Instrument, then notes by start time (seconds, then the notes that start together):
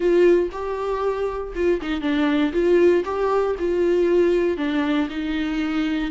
viola
0.00 F4
0.52 G4
1.55 F4
1.81 D#4
2.01 D4
2.53 F4
3.04 G4
3.59 F4
4.57 D4
5.09 D#4